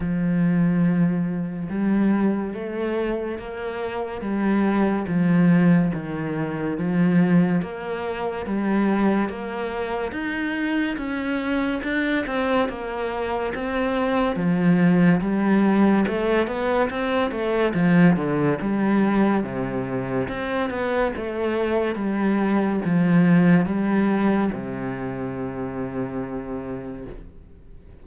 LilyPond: \new Staff \with { instrumentName = "cello" } { \time 4/4 \tempo 4 = 71 f2 g4 a4 | ais4 g4 f4 dis4 | f4 ais4 g4 ais4 | dis'4 cis'4 d'8 c'8 ais4 |
c'4 f4 g4 a8 b8 | c'8 a8 f8 d8 g4 c4 | c'8 b8 a4 g4 f4 | g4 c2. | }